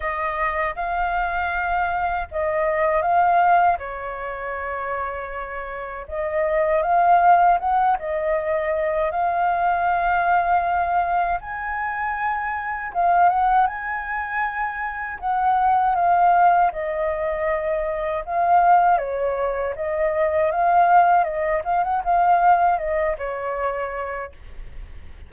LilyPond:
\new Staff \with { instrumentName = "flute" } { \time 4/4 \tempo 4 = 79 dis''4 f''2 dis''4 | f''4 cis''2. | dis''4 f''4 fis''8 dis''4. | f''2. gis''4~ |
gis''4 f''8 fis''8 gis''2 | fis''4 f''4 dis''2 | f''4 cis''4 dis''4 f''4 | dis''8 f''16 fis''16 f''4 dis''8 cis''4. | }